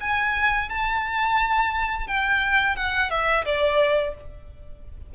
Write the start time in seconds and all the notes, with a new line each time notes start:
0.00 G#5
0.69 A5
2.07 G5
2.76 F#5
3.10 E5
3.45 D5